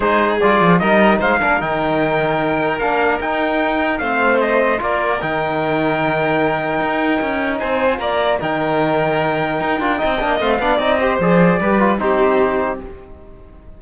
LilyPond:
<<
  \new Staff \with { instrumentName = "trumpet" } { \time 4/4 \tempo 4 = 150 c''4 d''4 dis''4 f''4 | g''2. f''4 | g''2 f''4 dis''4 | d''4 g''2.~ |
g''2. gis''4 | ais''4 g''2.~ | g''2 f''4 dis''4 | d''2 c''2 | }
  \new Staff \with { instrumentName = "violin" } { \time 4/4 gis'2 ais'4 c''8 ais'8~ | ais'1~ | ais'2 c''2 | ais'1~ |
ais'2. c''4 | d''4 ais'2.~ | ais'4 dis''4. d''4 c''8~ | c''4 b'4 g'2 | }
  \new Staff \with { instrumentName = "trombone" } { \time 4/4 dis'4 f'4 dis'4. d'8 | dis'2. d'4 | dis'2 c'2 | f'4 dis'2.~ |
dis'2.~ dis'8. f'16~ | f'4 dis'2.~ | dis'8 f'8 dis'8 d'8 c'8 d'8 dis'8 g'8 | gis'4 g'8 f'8 dis'2 | }
  \new Staff \with { instrumentName = "cello" } { \time 4/4 gis4 g8 f8 g4 gis8 ais8 | dis2. ais4 | dis'2 a2 | ais4 dis2.~ |
dis4 dis'4 cis'4 c'4 | ais4 dis2. | dis'8 d'8 c'8 ais8 a8 b8 c'4 | f4 g4 c'2 | }
>>